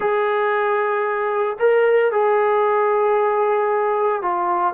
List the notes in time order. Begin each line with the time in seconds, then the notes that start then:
0.00 G#4
1.59 A#4
2.11 G#4
4.22 F4